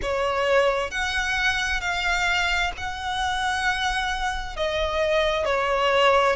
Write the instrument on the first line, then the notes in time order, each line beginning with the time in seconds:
violin
0.02 C#5
0.90 F#5
1.81 F5
2.77 F#5
4.56 D#5
5.45 C#5